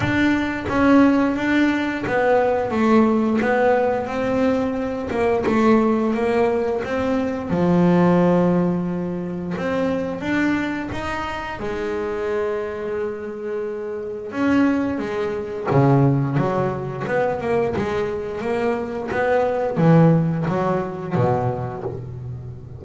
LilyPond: \new Staff \with { instrumentName = "double bass" } { \time 4/4 \tempo 4 = 88 d'4 cis'4 d'4 b4 | a4 b4 c'4. ais8 | a4 ais4 c'4 f4~ | f2 c'4 d'4 |
dis'4 gis2.~ | gis4 cis'4 gis4 cis4 | fis4 b8 ais8 gis4 ais4 | b4 e4 fis4 b,4 | }